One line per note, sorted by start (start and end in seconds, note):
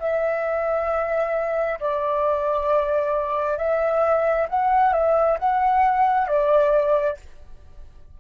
0.00 1.79 E5
1.80 3.58 D5
3.58 4.47 E5
4.49 4.93 F#5
4.93 5.38 E5
5.39 6.28 F#5
6.28 7.17 D5